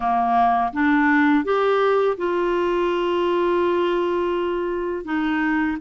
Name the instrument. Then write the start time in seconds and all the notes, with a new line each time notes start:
clarinet
0.00 A#3
0.72 D4
1.44 G4
2.17 F4
5.04 D#4